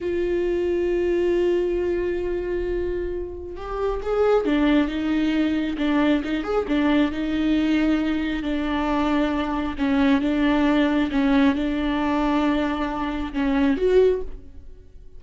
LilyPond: \new Staff \with { instrumentName = "viola" } { \time 4/4 \tempo 4 = 135 f'1~ | f'1 | g'4 gis'4 d'4 dis'4~ | dis'4 d'4 dis'8 gis'8 d'4 |
dis'2. d'4~ | d'2 cis'4 d'4~ | d'4 cis'4 d'2~ | d'2 cis'4 fis'4 | }